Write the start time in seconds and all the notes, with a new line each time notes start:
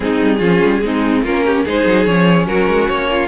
0.00 G#3 C4 D#4 G#4
0.21 G3
0.38 F3 C#4 F4
0.64 G3
0.82 G#3 C4 D#4
1.22 A#3 C#4 F4 A#4
1.45 G4
1.64 G#3 D#4 G#4 C5
1.85 F#3
2.05 F3 C#4 C#5
2.46 F#3 F#4 A#4
2.67 G#3
2.88 A#3 C#5
3.09 F4